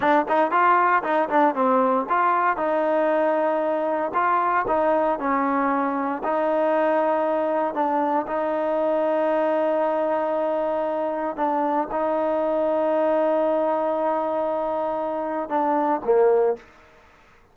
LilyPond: \new Staff \with { instrumentName = "trombone" } { \time 4/4 \tempo 4 = 116 d'8 dis'8 f'4 dis'8 d'8 c'4 | f'4 dis'2. | f'4 dis'4 cis'2 | dis'2. d'4 |
dis'1~ | dis'2 d'4 dis'4~ | dis'1~ | dis'2 d'4 ais4 | }